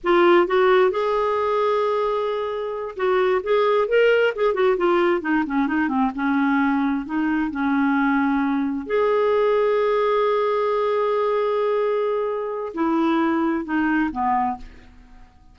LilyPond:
\new Staff \with { instrumentName = "clarinet" } { \time 4/4 \tempo 4 = 132 f'4 fis'4 gis'2~ | gis'2~ gis'8 fis'4 gis'8~ | gis'8 ais'4 gis'8 fis'8 f'4 dis'8 | cis'8 dis'8 c'8 cis'2 dis'8~ |
dis'8 cis'2. gis'8~ | gis'1~ | gis'1 | e'2 dis'4 b4 | }